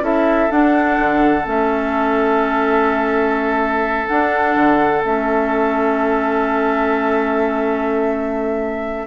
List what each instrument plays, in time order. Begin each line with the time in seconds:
0.00 bassoon C#4, clarinet E4, oboe A4, flute E5
0.51 clarinet D4, bassoon D4, flute F#5
0.99 bassoon D3
1.44 bassoon A3, clarinet C#4, flute E5
4.07 clarinet D4, bassoon D4, flute F#5
4.55 bassoon D3
5.04 bassoon A3, clarinet C#4, flute E5